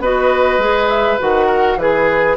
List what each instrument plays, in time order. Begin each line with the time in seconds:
0.00 bassoon B3, clarinet F#4, oboe B4, flute D#5
0.58 bassoon G#3, clarinet G#4
0.89 flute E5
1.19 bassoon D#3, clarinet F#4, flute F#5
1.47 oboe A#4
1.77 bassoon E3, clarinet G#4, oboe G#4, flute B4